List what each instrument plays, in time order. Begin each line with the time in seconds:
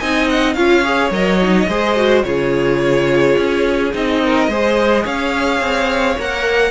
0.00 cello C4, viola D#4, violin D#5 G#5
0.30 violin F#5
0.54 cello C#4, viola F4, violin C#5 F5
0.85 viola G#4
1.11 cello F#3, viola A#4, violin D#5
1.42 viola D#4
1.68 cello G#3, viola G#4, violin C5
1.97 viola F#4
2.23 cello C#3, viola F4, violin G#4 C#5
3.38 cello C#4
3.94 cello C4, viola D#4, violin D#5
4.24 violin A#4
4.49 cello G#3, viola G#4, violin C5
5.04 cello C#4, violin C#5 F5
5.61 cello C4
6.20 cello A#3, viola A#4, violin F#5